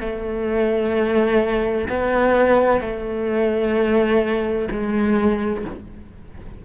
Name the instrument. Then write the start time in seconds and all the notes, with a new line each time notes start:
cello
0.00 A3
1.89 B3
2.81 A3
4.71 G#3